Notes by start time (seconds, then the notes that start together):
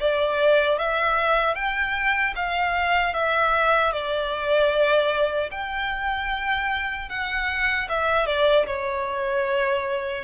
0.00 D5
0.78 E5
1.55 G5
2.35 F5
3.14 E5
3.92 D5
5.51 G5
7.09 F#5
7.89 E5
8.26 D5
8.66 C#5